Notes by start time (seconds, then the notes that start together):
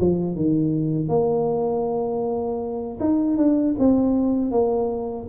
0.00 F3
0.36 D#3
1.09 A#3
3.00 D#4
3.38 D4
3.79 C4
4.52 A#3